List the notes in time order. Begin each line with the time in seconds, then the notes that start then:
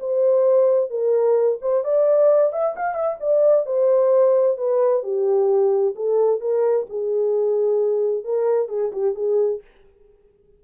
0.00 C5
0.90 A#4
1.62 C5
1.84 D5
2.53 E5
2.76 F5
2.95 E5
3.21 D5
3.66 C5
4.57 B4
5.03 G4
5.96 A4
6.41 A#4
6.90 G#4
8.24 A#4
8.69 G#4
8.93 G4
9.15 G#4